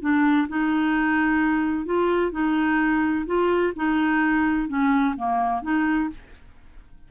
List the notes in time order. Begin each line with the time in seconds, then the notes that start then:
0.00 D4
0.48 D#4
1.85 F4
2.31 D#4
3.26 F4
3.75 D#4
4.68 C#4
5.16 A#3
5.62 D#4